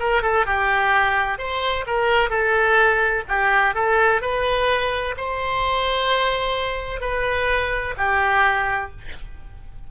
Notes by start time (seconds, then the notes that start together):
0.00 A#4
0.23 A4
0.46 G4
1.38 C5
1.87 A#4
2.30 A4
3.29 G4
3.75 A4
4.21 B4
5.17 C5
7.01 B4
7.98 G4